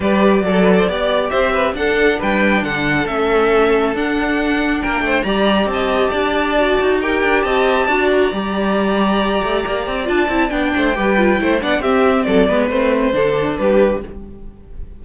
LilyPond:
<<
  \new Staff \with { instrumentName = "violin" } { \time 4/4 \tempo 4 = 137 d''2. e''4 | fis''4 g''4 fis''4 e''4~ | e''4 fis''2 g''4 | ais''4 a''2. |
g''4 a''4. ais''4.~ | ais''2. a''4 | g''2~ g''8 fis''8 e''4 | d''4 c''2 b'4 | }
  \new Staff \with { instrumentName = "violin" } { \time 4/4 b'4 a'8 b'16 c''16 d''4 c''8 b'8 | a'4 b'4 a'2~ | a'2. ais'8 c''8 | d''4 dis''4 d''2 |
ais'4 dis''4 d''2~ | d''1~ | d''8 c''8 b'4 c''8 d''8 g'4 | a'8 b'4. a'4 g'4 | }
  \new Staff \with { instrumentName = "viola" } { \time 4/4 g'4 a'4 g'2 | d'2. cis'4~ | cis'4 d'2. | g'2. fis'4 |
g'2 fis'4 g'4~ | g'2. f'8 e'8 | d'4 g'8 f'8 e'8 d'8 c'4~ | c'8 b8 c'4 d'2 | }
  \new Staff \with { instrumentName = "cello" } { \time 4/4 g4 fis4 b4 c'4 | d'4 g4 d4 a4~ | a4 d'2 ais8 a8 | g4 c'4 d'4. dis'8~ |
dis'8 d'8 c'4 d'4 g4~ | g4. a8 ais8 c'8 d'8 c'8 | b8 a8 g4 a8 b8 c'4 | fis8 gis8 a4 d4 g4 | }
>>